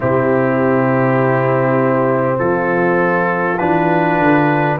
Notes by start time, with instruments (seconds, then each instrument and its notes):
0.00 tuba C3, trombone C4, horn E4, trumpet G4
2.39 tuba F3, horn F4, trumpet A4
3.58 tuba E3, trombone D4, trumpet B4
4.18 tuba D3